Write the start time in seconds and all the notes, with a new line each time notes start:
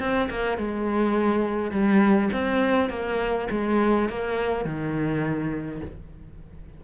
0.00 C4
0.30 A#3
0.58 G#3
1.72 G3
2.33 C4
2.90 A#3
3.51 G#3
4.09 A#3
4.65 D#3